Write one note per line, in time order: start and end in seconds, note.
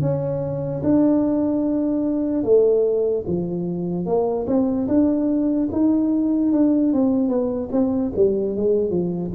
0.00 0.81 C#4
0.83 2.43 D4
2.43 3.24 A3
3.27 4.05 F3
4.05 4.46 A#3
4.46 4.87 C4
4.88 5.69 D4
5.72 6.52 D#4
6.52 6.93 D4
6.93 7.28 C4
7.28 7.69 B3
7.71 8.12 C4
8.16 8.56 G3
8.56 8.90 G#3
8.90 9.31 F3